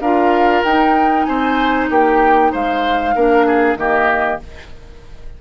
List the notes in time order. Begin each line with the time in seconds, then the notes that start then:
0.00 D4 F4 A#4 F5
0.63 D#4 G5
1.24 C4 C5 G#5
1.89 A#3 G4 G5
2.52 G#3 C5 F5
3.15 A#3 D4 A#4
3.46 G#4
3.76 D#3 A#3 G4 D#5